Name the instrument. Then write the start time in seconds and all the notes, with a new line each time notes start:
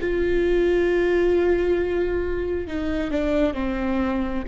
viola
0.00 F4
2.67 D#4
3.11 D4
3.53 C4